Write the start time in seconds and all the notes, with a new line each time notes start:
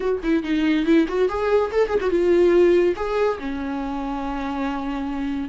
0.00 F#4
0.23 E4
0.43 D#4
0.85 E4
1.08 F#4
1.28 G#4
1.71 A4
1.88 G#4
2.01 F#4
2.09 F4
2.96 G#4
3.39 C#4